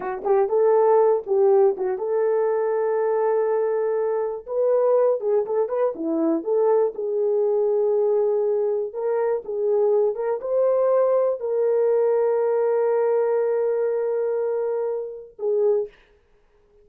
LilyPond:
\new Staff \with { instrumentName = "horn" } { \time 4/4 \tempo 4 = 121 fis'8 g'8 a'4. g'4 fis'8 | a'1~ | a'4 b'4. gis'8 a'8 b'8 | e'4 a'4 gis'2~ |
gis'2 ais'4 gis'4~ | gis'8 ais'8 c''2 ais'4~ | ais'1~ | ais'2. gis'4 | }